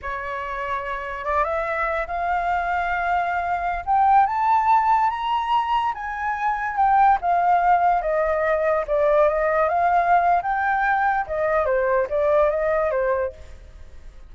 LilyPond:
\new Staff \with { instrumentName = "flute" } { \time 4/4 \tempo 4 = 144 cis''2. d''8 e''8~ | e''4 f''2.~ | f''4~ f''16 g''4 a''4.~ a''16~ | a''16 ais''2 gis''4.~ gis''16~ |
gis''16 g''4 f''2 dis''8.~ | dis''4~ dis''16 d''4 dis''4 f''8.~ | f''4 g''2 dis''4 | c''4 d''4 dis''4 c''4 | }